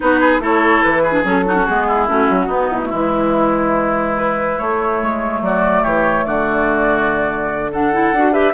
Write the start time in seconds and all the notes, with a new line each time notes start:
0.00 B3 D#4 F#4 B4
0.20 G#4
0.39 A3 E4 A4 C#5
0.82 E3 B4
1.02 G#4
1.11 D4
1.23 F#3 C#4 A4
1.46 D#4 F#4
1.55 C#4
1.66 G#3 B3 G#4
1.87 E4
2.07 A3 C#4 F#4
2.29 F#3
2.46 B3 D#4
2.70 B2 E4
2.83 A3
2.89 E3 G#3 E4
4.16 B4
4.58 A3 C#5
5.02 G#3
5.41 F#3 F#4 D5
5.82 E3 G4 C#5
6.25 D3 F#4 D5
7.71 D4 A4 F#5
7.93 E4
8.12 D4 F#4
8.32 G4 B4 E5